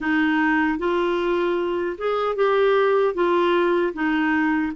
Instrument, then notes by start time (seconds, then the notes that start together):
clarinet
0.00 D#4
0.78 F4
1.97 G#4
2.35 G4
3.14 F4
3.93 D#4